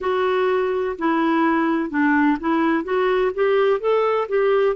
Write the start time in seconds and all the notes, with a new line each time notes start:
0.00 F#4
0.98 E4
1.90 D4
2.39 E4
2.84 F#4
3.34 G4
3.80 A4
4.28 G4